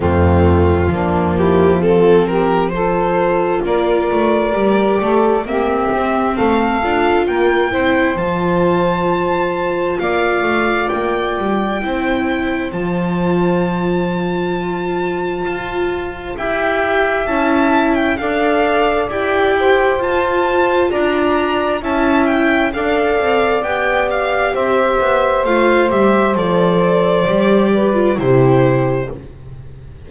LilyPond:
<<
  \new Staff \with { instrumentName = "violin" } { \time 4/4 \tempo 4 = 66 f'4. g'8 a'8 ais'8 c''4 | d''2 e''4 f''4 | g''4 a''2 f''4 | g''2 a''2~ |
a''2 g''4 a''8. g''16 | f''4 g''4 a''4 ais''4 | a''8 g''8 f''4 g''8 f''8 e''4 | f''8 e''8 d''2 c''4 | }
  \new Staff \with { instrumentName = "saxophone" } { \time 4/4 c'4 d'8 e'8 f'8 g'8 a'4 | ais'4. a'8 g'4 a'4 | ais'8 c''2~ c''8 d''4~ | d''4 c''2.~ |
c''2 e''2 | d''4. c''4. d''4 | e''4 d''2 c''4~ | c''2~ c''8 b'8 g'4 | }
  \new Staff \with { instrumentName = "viola" } { \time 4/4 a4 ais4 c'4 f'4~ | f'4 g'4 c'4. f'8~ | f'8 e'8 f'2.~ | f'4 e'4 f'2~ |
f'2 g'4 e'4 | a'4 g'4 f'2 | e'4 a'4 g'2 | f'8 g'8 a'4 g'8. f'16 e'4 | }
  \new Staff \with { instrumentName = "double bass" } { \time 4/4 f,4 f2. | ais8 a8 g8 a8 ais8 c'8 a8 d'8 | ais8 c'8 f2 ais8 a8 | ais8 g8 c'4 f2~ |
f4 f'4 e'4 cis'4 | d'4 e'4 f'4 d'4 | cis'4 d'8 c'8 b4 c'8 b8 | a8 g8 f4 g4 c4 | }
>>